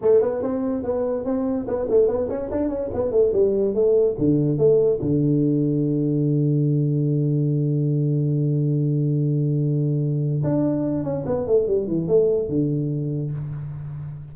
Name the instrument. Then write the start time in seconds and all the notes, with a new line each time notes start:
tuba
0.01 A3
0.21 B3
0.42 C4
0.83 B3
1.25 C4
1.67 B3
1.90 A3
2.07 B3
2.29 C#4
2.51 D4
2.68 C#4
2.93 B3
3.11 A3
3.32 G3
3.74 A3
4.18 D3
4.58 A3
5.01 D3
10.43 D4
11.03 C#4
11.26 B3
11.46 A3
11.67 G3
11.87 E3
12.07 A3
12.48 D3